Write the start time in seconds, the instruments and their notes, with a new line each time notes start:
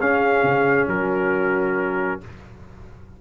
0.00 tuba C#4, trombone C#4, horn G#4, trumpet F5
0.44 tuba C#3
0.87 tuba F#3, horn F#4, trumpet A#4